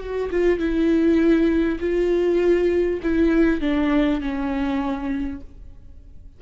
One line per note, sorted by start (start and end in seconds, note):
0.00 0.30 F#4
0.31 0.59 F4
0.59 1.79 E4
1.80 3.00 F4
3.03 3.61 E4
3.61 4.21 D4
4.21 5.41 C#4